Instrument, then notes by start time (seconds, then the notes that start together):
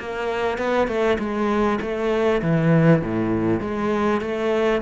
cello
0.00 A#3
0.58 B3
0.88 A3
1.19 G#3
1.82 A3
2.42 E3
3.02 A2
3.61 G#3
4.21 A3